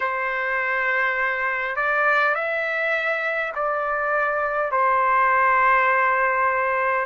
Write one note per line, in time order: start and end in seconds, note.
0.00 1.75 C5
1.75 2.34 D5
2.35 3.52 E5
3.55 4.71 D5
4.71 7.05 C5